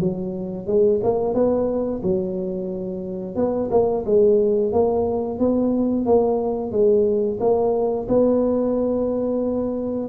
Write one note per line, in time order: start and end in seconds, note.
0.00 0.67 F#3
0.67 1.01 G#3
1.04 1.34 A#3
1.34 2.02 B3
2.03 3.36 F#3
3.36 3.70 B3
3.71 4.05 A#3
4.06 4.73 G#3
4.73 5.40 A#3
5.40 6.06 B3
6.06 6.72 A#3
6.72 7.39 G#3
7.40 8.07 A#3
8.08 10.09 B3